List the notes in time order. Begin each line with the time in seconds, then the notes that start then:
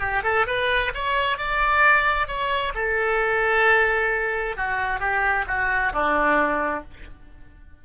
0.00 G4
0.24 A4
0.47 B4
0.94 C#5
1.38 D5
2.28 C#5
2.75 A4
4.57 F#4
5.00 G4
5.48 F#4
5.93 D4